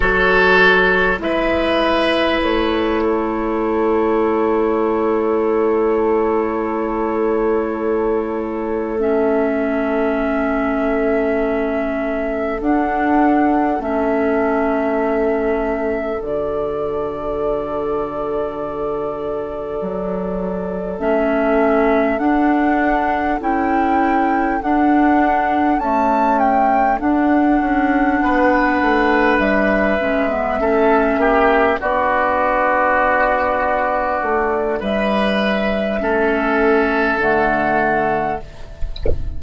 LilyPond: <<
  \new Staff \with { instrumentName = "flute" } { \time 4/4 \tempo 4 = 50 cis''4 e''4 cis''2~ | cis''2.~ cis''8 e''8~ | e''2~ e''8 fis''4 e''8~ | e''4. d''2~ d''8~ |
d''4. e''4 fis''4 g''8~ | g''8 fis''4 a''8 g''8 fis''4.~ | fis''8 e''2 d''4.~ | d''4 e''2 fis''4 | }
  \new Staff \with { instrumentName = "oboe" } { \time 4/4 a'4 b'4. a'4.~ | a'1~ | a'1~ | a'1~ |
a'1~ | a'2.~ a'8 b'8~ | b'4. a'8 g'8 fis'4.~ | fis'4 b'4 a'2 | }
  \new Staff \with { instrumentName = "clarinet" } { \time 4/4 fis'4 e'2.~ | e'2.~ e'8 cis'8~ | cis'2~ cis'8 d'4 cis'8~ | cis'4. fis'2~ fis'8~ |
fis'4. cis'4 d'4 e'8~ | e'8 d'4 a4 d'4.~ | d'4 cis'16 b16 cis'4 d'4.~ | d'2 cis'4 a4 | }
  \new Staff \with { instrumentName = "bassoon" } { \time 4/4 fis4 gis4 a2~ | a1~ | a2~ a8 d'4 a8~ | a4. d2~ d8~ |
d8 fis4 a4 d'4 cis'8~ | cis'8 d'4 cis'4 d'8 cis'8 b8 | a8 g8 gis8 a8 ais8 b4.~ | b8 a8 g4 a4 d4 | }
>>